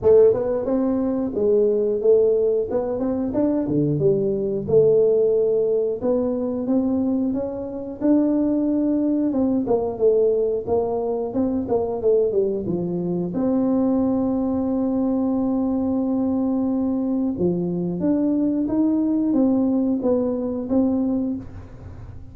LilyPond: \new Staff \with { instrumentName = "tuba" } { \time 4/4 \tempo 4 = 90 a8 b8 c'4 gis4 a4 | b8 c'8 d'8 d8 g4 a4~ | a4 b4 c'4 cis'4 | d'2 c'8 ais8 a4 |
ais4 c'8 ais8 a8 g8 f4 | c'1~ | c'2 f4 d'4 | dis'4 c'4 b4 c'4 | }